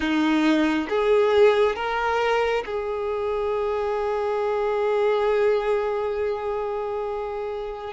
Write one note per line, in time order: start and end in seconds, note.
0.00 0.87 D#4
0.89 1.75 G#4
1.75 2.64 A#4
2.65 7.93 G#4